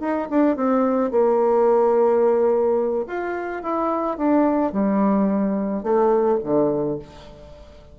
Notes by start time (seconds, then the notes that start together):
0.00 D#4
0.30 D4
0.56 C4
1.11 A#3
3.07 F4
3.63 E4
4.17 D4
4.72 G3
5.83 A3
6.44 D3